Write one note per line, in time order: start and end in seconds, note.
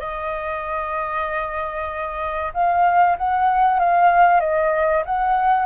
0.00 2.53 D#5
2.54 3.17 F5
3.18 3.80 F#5
3.80 4.41 F5
4.41 5.04 D#5
5.06 5.66 F#5